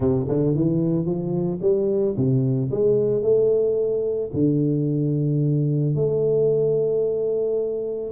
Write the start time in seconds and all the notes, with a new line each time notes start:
0.00 C3
0.28 D3
0.55 E3
1.05 F3
1.61 G3
2.16 C3
2.71 G#3
3.22 A3
4.33 D3
5.95 A3